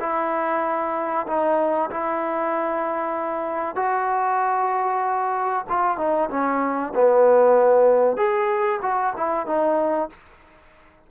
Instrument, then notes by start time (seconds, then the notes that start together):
trombone
0.00 E4
1.27 D#4
1.90 E4
3.76 F#4
5.69 F4
5.97 D#4
6.30 C#4
6.95 B3
8.17 G#4
8.82 F#4
9.17 E4
9.46 D#4